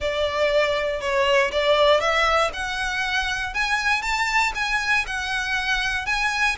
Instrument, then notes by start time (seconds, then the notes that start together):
violin
0.00 D5
1.00 C#5
1.51 D5
2.00 E5
2.53 F#5
3.54 G#5
4.02 A5
4.54 G#5
5.06 F#5
6.06 G#5